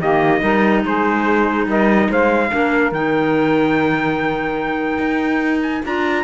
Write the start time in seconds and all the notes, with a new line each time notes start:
0.00 D#3 A#3 G4 D#5
0.41 G3 D#4 A#4
0.85 G#3 G#4 C5
1.66 G3 A#4 D#5
2.10 G#3 C5 F5
2.51 A#3 D4 A#4
2.91 D#3 D#4 G5
4.98 D#4
5.62 G#5
5.85 D4 F4 A#5